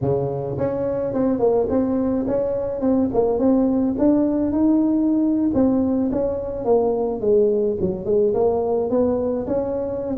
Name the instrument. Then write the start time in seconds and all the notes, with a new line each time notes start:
tuba
0.01 C#3
0.58 C#4
1.13 C4
1.39 A#3
1.69 C4
2.27 C#4
2.80 C4
3.13 A#3
3.38 C4
3.98 D4
4.52 D#4
5.53 C4
6.11 C#4
6.64 A#3
7.20 G#3
7.80 F#3
8.05 G#3
8.34 A#3
8.89 B3
9.47 C#4